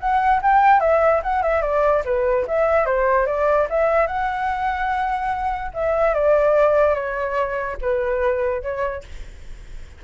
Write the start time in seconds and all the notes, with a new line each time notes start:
0.00 F#5
0.42 G5
0.80 E5
1.23 F#5
1.42 E5
1.62 D5
2.05 B4
2.47 E5
2.86 C5
3.26 D5
3.70 E5
4.07 F#5
5.74 E5
6.14 D5
6.95 C#5
7.82 B4
8.62 C#5